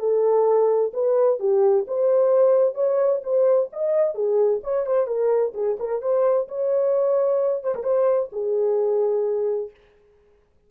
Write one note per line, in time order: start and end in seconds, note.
0.00 0.92 A4
0.94 1.40 B4
1.40 1.86 G4
1.88 2.75 C5
2.75 3.21 C#5
3.23 3.70 C5
3.73 4.15 D#5
4.15 4.61 G#4
4.64 4.87 C#5
4.87 5.07 C5
5.07 5.53 A#4
5.55 5.78 G#4
5.80 6.02 A#4
6.02 6.48 C5
6.49 7.64 C#5
7.64 7.75 C5
7.75 7.84 A#4
7.84 8.30 C5
8.33 9.71 G#4